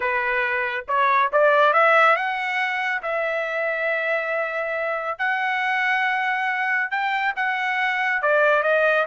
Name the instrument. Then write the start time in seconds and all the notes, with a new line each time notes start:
trumpet
0.00 B4
0.88 C#5
1.32 D5
1.73 E5
2.15 F#5
3.02 E5
5.18 F#5
6.90 G5
7.35 F#5
8.22 D5
8.63 D#5